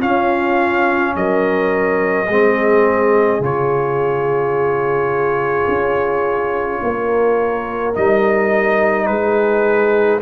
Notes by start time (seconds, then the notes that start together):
0.00 C#4 F4 F5
1.16 F#3 A#4 D#5
2.28 G#3 C4 G#4
3.40 C#3 F4 C#5
5.68 C#4
6.83 A#3 A#4
7.94 G3 D#4 D#5
9.06 G#3 G#4 B4